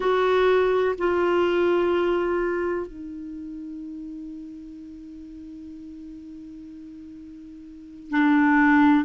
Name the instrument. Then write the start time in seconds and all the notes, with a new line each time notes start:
clarinet
0.00 F#4
0.98 F4
2.87 D#4
8.10 D4